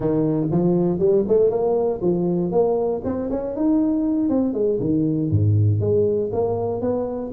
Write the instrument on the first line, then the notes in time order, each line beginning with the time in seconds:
tuba
0.00 D#3
0.51 F3
0.99 G3
1.28 A3
1.50 A#3
2.01 F3
2.51 A#3
3.04 C4
3.30 C#4
3.55 D#4
4.29 C4
4.53 G#3
4.80 D#3
5.30 G#2
5.80 G#3
6.32 A#3
6.81 B3